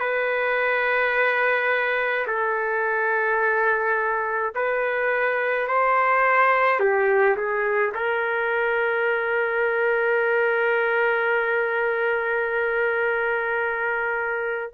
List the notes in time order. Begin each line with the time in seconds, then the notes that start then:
0.00 B4
2.27 A4
4.55 B4
5.68 C5
6.80 G4
7.37 G#4
7.95 A#4